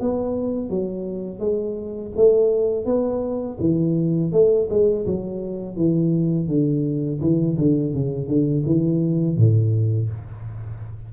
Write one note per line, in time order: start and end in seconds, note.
0.00 0.70 B3
0.70 1.39 F#3
1.39 2.12 G#3
2.16 2.85 A3
2.85 3.58 B3
3.60 4.32 E3
4.32 4.68 A3
4.70 5.06 G#3
5.06 5.76 F#3
5.76 6.48 E3
6.48 7.20 D3
7.21 7.57 E3
7.57 7.94 D3
7.94 8.27 C#3
8.27 8.64 D3
8.65 9.37 E3
9.37 10.09 A2